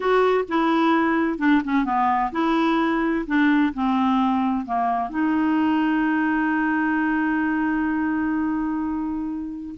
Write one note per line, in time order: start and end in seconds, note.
0.00 0.44 F#4
0.48 1.38 E4
1.38 1.62 D4
1.64 1.84 C#4
1.84 2.31 B3
2.32 3.25 E4
3.26 3.73 D4
3.73 4.65 C4
4.65 5.09 A#3
5.09 9.74 D#4